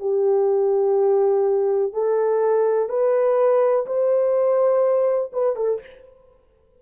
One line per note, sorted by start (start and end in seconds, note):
0.00 1.93 G4
1.93 2.89 A4
2.89 3.86 B4
3.86 5.31 C5
5.33 5.56 B4
5.56 5.80 A4